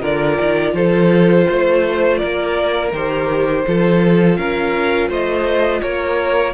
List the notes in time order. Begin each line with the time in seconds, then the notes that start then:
0.00 D3 F4 A#4 D5
0.41 D#3
0.73 F3 A4 C5
1.47 A3 C5
2.17 A#3 A#4 D5
2.92 D#3 G4 C5
3.66 F3 F4 A4
4.36 C#4 A#4 F5
5.08 A3 C5 D#5
5.82 A#3 A#4 C#5